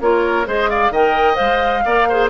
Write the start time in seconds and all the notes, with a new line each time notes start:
0.00 A#3 F4 A#4 C#5
0.45 G#3 G#4 C5 D#5
0.69 D5 F5
0.90 D#3 A#4 D#5 G5
1.34 C5 F5
1.40 G#3
1.84 A#3 A#4 D5
2.08 G#4 C5